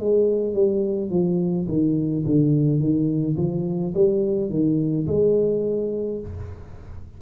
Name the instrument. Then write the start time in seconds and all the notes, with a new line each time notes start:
tuba
0.00 G#3
0.55 G3
1.11 F3
1.69 D#3
2.26 D3
2.80 D#3
3.38 F3
3.95 G3
4.51 D#3
5.07 G#3